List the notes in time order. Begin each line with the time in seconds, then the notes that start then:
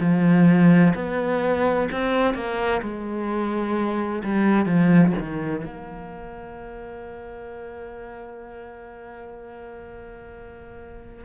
0.00 F3
0.95 B3
1.92 C4
2.34 A#3
2.82 G#3
4.24 G3
4.66 F3
5.19 D#3
5.65 A#3